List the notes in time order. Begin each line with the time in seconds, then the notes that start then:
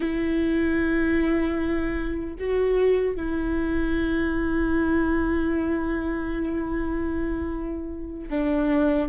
0.00 E4
2.39 F#4
3.15 E4
8.30 D4